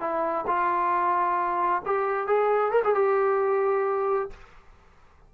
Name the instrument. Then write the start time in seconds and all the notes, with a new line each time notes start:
trombone
0.00 E4
0.47 F4
1.85 G4
2.27 G#4
2.71 A#4
2.84 G#4
2.95 G4